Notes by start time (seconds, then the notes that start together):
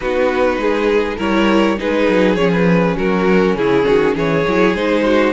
0.00 B3 D#4 F#4 B4
0.57 G#3 G#4
1.17 G3 E4 A#4 C#5
1.77 G#3 D#4 G#4 B4
2.08 F#3
2.35 F3 C#4 C#5
2.52 B4
2.96 F#3 F#4 A#4
3.54 C#3 E4 G#4
3.86 D#3 F#4
4.14 E3 G#4 C#5
4.47 F#3 E4
4.74 G#3 D#4 C5
5.04 F#4